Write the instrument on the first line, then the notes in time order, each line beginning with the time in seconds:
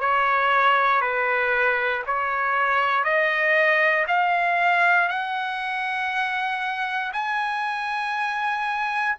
trumpet
0.00 C#5
1.01 B4
2.07 C#5
3.04 D#5
4.08 F5
5.09 F#5
7.13 G#5